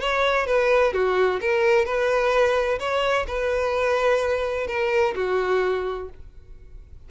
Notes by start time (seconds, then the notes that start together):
0.00 C#5
0.46 B4
0.93 F#4
1.41 A#4
1.85 B4
2.79 C#5
3.27 B4
4.67 A#4
5.15 F#4